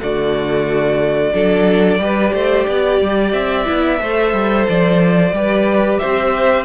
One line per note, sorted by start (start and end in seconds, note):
0.00 1.34 D3
0.00 1.33 A3
0.00 1.33 F#4
0.00 3.33 D5
1.34 1.99 F#3
1.34 2.00 D4
1.34 2.01 A4
1.99 2.33 G3
1.99 3.66 G4
1.99 2.34 B4
2.33 2.67 A3
2.33 2.67 C5
2.68 3.01 B3
2.68 4.02 D5
3.01 3.33 G3
3.33 3.67 C4
3.33 4.66 E5
3.66 4.01 B3
3.66 3.99 E4
3.99 4.33 A3
3.99 5.32 A4
3.99 5.35 C5
4.33 4.67 G3
4.69 5.33 F3
4.69 5.99 D5
5.33 5.99 G3
5.33 6.65 G4
5.33 6.01 B4
5.99 6.65 C4
5.99 6.65 C5
5.99 6.65 E5